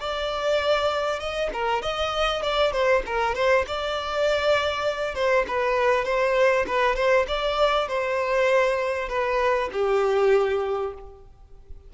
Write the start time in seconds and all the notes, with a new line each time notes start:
0.00 D5
1.20 D#5
1.53 A#4
1.82 D#5
2.42 D5
2.72 C5
3.06 A#4
3.35 C5
3.67 D5
5.15 C5
5.48 B4
6.05 C5
6.67 B4
6.96 C5
7.28 D5
7.88 C5
9.09 B4
9.72 G4